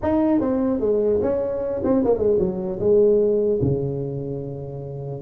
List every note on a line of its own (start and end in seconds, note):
0.02 0.40 D#4
0.40 0.80 C4
0.80 1.20 G#3
1.21 1.81 C#4
1.84 2.04 C4
2.04 2.17 A#3
2.17 2.37 G#3
2.39 2.79 F#3
2.79 3.59 G#3
3.61 5.21 C#3